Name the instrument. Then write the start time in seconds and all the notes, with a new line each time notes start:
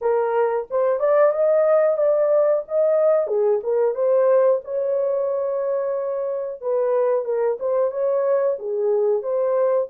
horn
0.01 A#4
0.70 C5
0.99 D5
1.32 D#5
1.97 D5
2.67 D#5
3.27 G#4
3.63 A#4
3.94 C5
4.64 C#5
6.61 B4
7.24 A#4
7.59 C5
7.91 C#5
8.59 G#4
9.22 C5